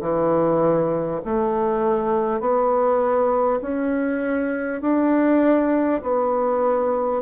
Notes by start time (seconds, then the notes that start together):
0.00 E3
1.25 A3
2.40 B3
3.61 C#4
4.81 D4
6.02 B3